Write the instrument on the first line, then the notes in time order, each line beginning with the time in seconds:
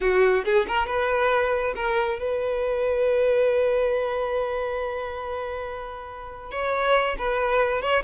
violin
0.00 F#4
0.44 G#4
0.67 A#4
0.87 B4
1.75 A#4
2.19 B4
6.51 C#5
7.18 B4
7.81 C#5